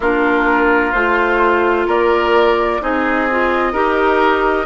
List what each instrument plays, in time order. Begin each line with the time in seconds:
0.00 bassoon A#3, clarinet D4, oboe F4, flute A#4
0.92 bassoon A3, clarinet F4, flute C5
1.86 bassoon A#3, oboe A#4, flute D5
2.81 bassoon C4, clarinet D#4, oboe G#4, flute D#5
3.30 clarinet F4
3.72 bassoon D#4, clarinet G4, oboe A#4